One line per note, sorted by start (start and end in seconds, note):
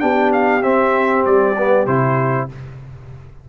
0.00 0.63 B3
0.00 0.62 D4
0.00 2.49 G4
0.00 0.31 G5
0.33 0.63 F5
0.63 1.25 C4
0.63 1.56 C4
0.63 1.25 E5
1.26 1.86 G3
1.26 1.86 D5
1.58 1.87 B3
1.86 2.48 C3
1.86 2.49 E4
1.86 2.48 C5